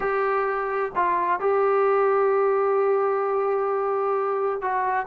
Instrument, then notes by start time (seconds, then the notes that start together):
trombone
0.00 G4
0.95 F4
1.40 G4
4.61 F#4